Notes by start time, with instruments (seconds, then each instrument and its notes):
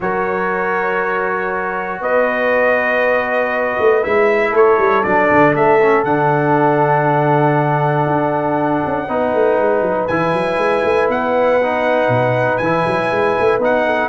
0.00 tuba F#3, trombone F#4, horn A#4, trumpet C#5
2.00 tuba B3, horn B4, trumpet D#5
3.78 tuba A3
4.03 tuba G#3, trombone E4, trumpet E5
4.51 tuba A3, horn A4, trumpet C#5
4.78 tuba G3
5.03 tuba F#3, trombone D4, trumpet D5
5.31 tuba D3
5.54 tuba A3, trumpet E5
5.81 trombone C#4
6.03 tuba D3, trombone D4, trumpet F#5
8.06 tuba D4
8.86 tuba C#4
9.07 tuba B3, trombone D#4, horn B4
9.33 tuba A3
9.58 tuba G#3
9.81 tuba F#3
10.07 tuba E3, trombone E4, trumpet G#5
10.33 tuba F#3
10.57 tuba G#3
10.84 tuba A3
11.08 tuba B3, trumpet F#5
11.62 trombone D#4
12.08 tuba B2
12.57 tuba E3, trumpet G#5
12.64 trombone E4
12.86 tuba F#3
13.10 tuba G#3
13.39 tuba A3
13.58 tuba B3, trombone D#4, trumpet F#5
13.86 horn A4